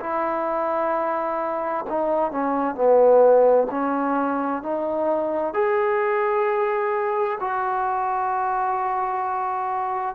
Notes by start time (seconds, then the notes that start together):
0.00 E4
1.89 D#4
2.31 C#4
2.75 B3
3.70 C#4
4.62 D#4
5.54 G#4
7.40 F#4